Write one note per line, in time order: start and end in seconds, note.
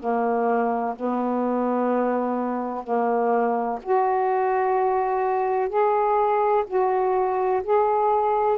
0.00 0.95 A#3
0.96 2.84 B3
2.84 3.79 A#3
3.83 5.69 F#4
5.69 6.65 G#4
6.67 7.62 F#4
7.64 8.58 G#4